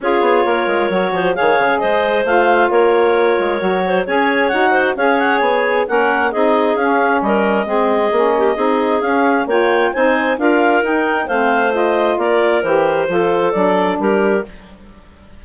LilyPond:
<<
  \new Staff \with { instrumentName = "clarinet" } { \time 4/4 \tempo 4 = 133 cis''2. f''4 | dis''4 f''4 cis''2~ | cis''4 gis''4 fis''4 f''8 fis''8 | gis''4 fis''4 dis''4 f''4 |
dis''1 | f''4 g''4 gis''4 f''4 | g''4 f''4 dis''4 d''4 | c''2 d''4 ais'4 | }
  \new Staff \with { instrumentName = "clarinet" } { \time 4/4 gis'4 ais'4. c''8 cis''4 | c''2 ais'2~ | ais'8 c''8 cis''4. c''8 cis''4~ | cis''4 ais'4 gis'2 |
ais'4 gis'4. g'8 gis'4~ | gis'4 cis''4 c''4 ais'4~ | ais'4 c''2 ais'4~ | ais'4 a'2 g'4 | }
  \new Staff \with { instrumentName = "saxophone" } { \time 4/4 f'2 fis'4 gis'4~ | gis'4 f'2. | fis'4 gis'4 fis'4 gis'4~ | gis'4 cis'4 dis'4 cis'4~ |
cis'4 c'4 cis'4 dis'4 | cis'4 f'4 dis'4 f'4 | dis'4 c'4 f'2 | g'4 f'4 d'2 | }
  \new Staff \with { instrumentName = "bassoon" } { \time 4/4 cis'8 b8 ais8 gis8 fis8 f8 dis8 cis8 | gis4 a4 ais4. gis8 | fis4 cis'4 dis'4 cis'4 | b4 ais4 c'4 cis'4 |
g4 gis4 ais4 c'4 | cis'4 ais4 c'4 d'4 | dis'4 a2 ais4 | e4 f4 fis4 g4 | }
>>